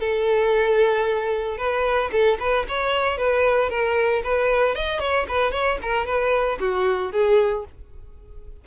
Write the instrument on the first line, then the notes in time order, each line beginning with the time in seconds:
violin
0.00 A4
1.58 B4
2.12 A4
2.39 B4
2.68 C#5
3.18 B4
3.70 A#4
4.24 B4
4.75 D#5
5.00 C#5
5.28 B4
5.51 C#5
5.82 A#4
6.06 B4
6.60 F#4
7.12 G#4